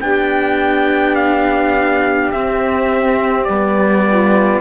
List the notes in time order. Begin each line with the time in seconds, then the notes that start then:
0.00 B3 D4 G4 G5
1.15 F5
2.31 C4 E5
3.44 G3 B3 D5
4.07 F4